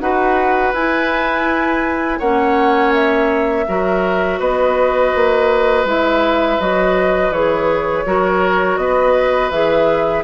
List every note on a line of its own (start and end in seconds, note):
0.00 0.73 D#4
0.00 0.74 F#4
0.00 2.19 B4
0.00 0.73 F#5
0.73 2.20 E4
0.73 2.21 E4
0.73 2.20 G#5
2.19 3.67 A#3
2.19 3.68 C#4
2.19 3.65 C#5
2.19 2.93 F#5
2.93 4.40 E5
3.68 4.40 F#3
3.68 5.87 F#4
3.68 4.39 A#4
4.39 5.13 B3
4.39 8.05 B4
4.39 5.86 D#5
5.15 5.85 A#3
5.85 6.58 G#3
5.85 6.60 E4
5.85 6.61 E5
6.60 7.30 F#3
6.60 7.33 F#4
6.60 7.33 D#5
7.30 8.04 E3
7.30 8.06 G#4
7.30 8.77 C#5
8.06 8.77 F#3
8.06 9.52 F#4
8.06 8.80 A#4
8.77 9.51 B3
8.77 10.24 B4
8.77 9.50 D#5
9.51 10.24 E3
9.51 10.24 G#4
9.51 10.24 E5